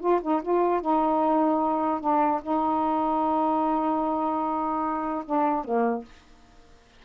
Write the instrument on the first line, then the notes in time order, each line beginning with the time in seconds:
saxophone
0.00 F4
0.22 D#4
0.42 F4
0.81 D#4
2.00 D4
2.42 D#4
5.25 D4
5.64 A#3